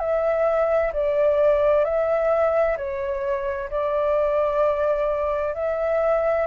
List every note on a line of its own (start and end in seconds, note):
0.00 0.92 E5
0.93 1.85 D5
1.85 2.77 E5
2.77 3.70 C#5
3.70 5.54 D5
5.54 6.47 E5